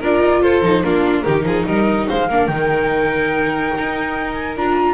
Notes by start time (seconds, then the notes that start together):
0.00 D4 F4 A#4 D5
0.20 D#4
0.42 F4 A4 C5
0.62 F3 D#4
0.84 A#3 D4 F4 A#4
1.24 D#3 D#4 G4
1.44 F3 G#4
1.66 G3 A#4 D#5
2.08 G#3 C5 F5
2.29 A#3 D4 A#4
2.47 D#3 D#4 G5
3.78 D#4
4.34 G#5
4.57 D4 F4 A#5